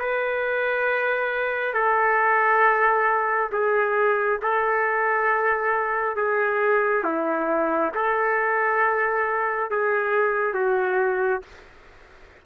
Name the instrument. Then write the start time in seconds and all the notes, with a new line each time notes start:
trumpet
0.00 B4
1.74 A4
3.53 G#4
4.43 A4
6.17 G#4
7.04 E4
7.95 A4
9.71 G#4
10.54 F#4